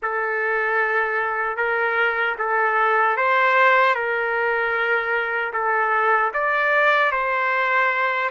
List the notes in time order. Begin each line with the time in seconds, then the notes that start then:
0.02 A4
1.56 A#4
2.38 A4
3.17 C5
3.94 A#4
5.53 A4
6.33 D5
7.11 C5